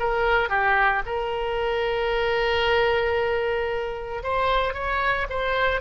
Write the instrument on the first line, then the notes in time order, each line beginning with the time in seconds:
oboe
0.00 A#4
0.50 G4
1.06 A#4
4.24 C5
4.74 C#5
5.30 C5